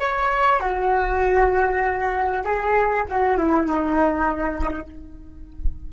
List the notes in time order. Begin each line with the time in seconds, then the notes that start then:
0.00 C#5
0.60 F#4
2.45 G#4
3.09 F#4
3.38 E4
3.67 D#4